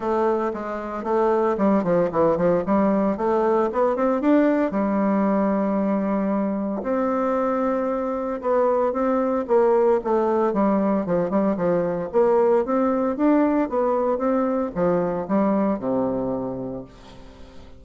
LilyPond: \new Staff \with { instrumentName = "bassoon" } { \time 4/4 \tempo 4 = 114 a4 gis4 a4 g8 f8 | e8 f8 g4 a4 b8 c'8 | d'4 g2.~ | g4 c'2. |
b4 c'4 ais4 a4 | g4 f8 g8 f4 ais4 | c'4 d'4 b4 c'4 | f4 g4 c2 | }